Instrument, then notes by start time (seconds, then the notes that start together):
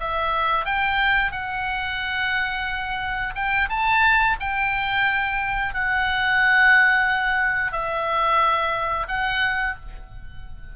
oboe
0.00 E5
0.65 G5
1.32 F#5
3.35 G5
3.69 A5
4.40 G5
5.74 F#5
7.72 E5
9.08 F#5